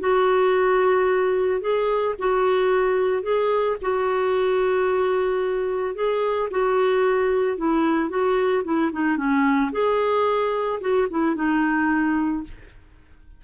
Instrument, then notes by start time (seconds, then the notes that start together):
clarinet
0.00 F#4
1.61 G#4
2.19 F#4
3.23 G#4
3.82 F#4
5.95 G#4
6.51 F#4
7.58 E4
8.10 F#4
8.64 E4
8.92 D#4
9.17 C#4
9.72 G#4
10.81 F#4
11.11 E4
11.36 D#4